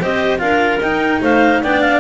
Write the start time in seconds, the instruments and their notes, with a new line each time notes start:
0.00 double bass C4, cello G4, clarinet C5 D#5
0.38 double bass D4, cello F4, clarinet A#4 F5
0.79 double bass D#4, cello D#4, clarinet G5
1.21 double bass A3, clarinet C5 F5
1.62 double bass B3, cello D4, clarinet D5 G5
1.81 clarinet F5